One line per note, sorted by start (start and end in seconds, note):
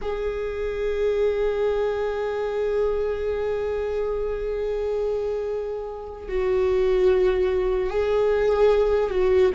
0.01 6.28 G#4
6.28 7.89 F#4
7.89 9.10 G#4
9.10 9.50 F#4